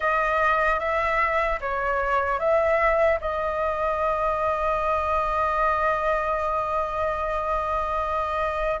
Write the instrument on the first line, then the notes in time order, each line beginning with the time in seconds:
flute
0.00 D#5
0.79 E5
1.60 C#5
2.39 E5
3.20 D#5